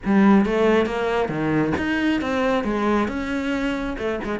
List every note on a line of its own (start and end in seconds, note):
0.05 0.45 G3
0.45 0.85 A3
0.85 1.28 A#3
1.28 1.72 D#3
1.77 2.21 D#4
2.21 2.64 C4
2.64 3.08 G#3
3.08 3.96 C#4
3.98 4.20 A3
4.24 4.39 G#3